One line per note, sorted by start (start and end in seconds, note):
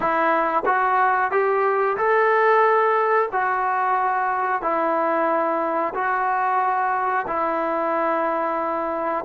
0.00 0.63 E4
0.65 1.31 F#4
1.31 1.97 G4
1.97 3.29 A4
3.32 4.62 F#4
4.62 5.93 E4
5.94 7.26 F#4
7.27 9.25 E4